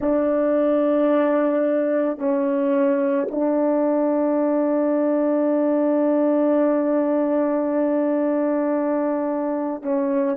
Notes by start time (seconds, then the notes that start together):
0.00 D4
2.18 C#4
3.30 D4
9.82 C#4